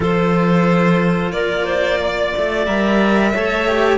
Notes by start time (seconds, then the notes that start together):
0.00 F3 F4 A4 C5
1.31 A#3 A#4 D5
1.65 C5
2.00 D5
2.37 A3
2.65 G3 A#4 E5
3.33 A3 A4 C#5
3.68 G4